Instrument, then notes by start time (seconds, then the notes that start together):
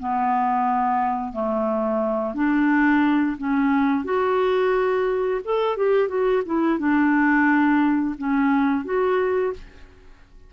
clarinet
0.00 B3
1.33 A3
2.35 D4
3.38 C#4
4.05 F#4
5.45 A4
5.77 G4
6.09 F#4
6.46 E4
6.79 D4
8.18 C#4
8.85 F#4